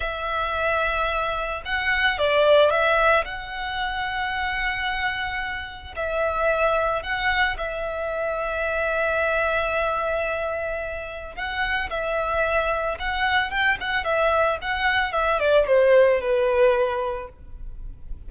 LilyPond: \new Staff \with { instrumentName = "violin" } { \time 4/4 \tempo 4 = 111 e''2. fis''4 | d''4 e''4 fis''2~ | fis''2. e''4~ | e''4 fis''4 e''2~ |
e''1~ | e''4 fis''4 e''2 | fis''4 g''8 fis''8 e''4 fis''4 | e''8 d''8 c''4 b'2 | }